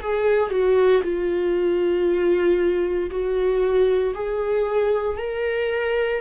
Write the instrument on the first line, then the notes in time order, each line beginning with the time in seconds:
viola
0.00 G#4
0.50 F#4
1.03 F4
3.10 F#4
4.14 G#4
5.18 A#4